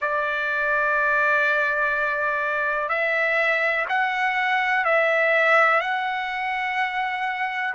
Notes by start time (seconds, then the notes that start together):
0.00 D5
2.89 E5
3.88 F#5
4.84 E5
5.80 F#5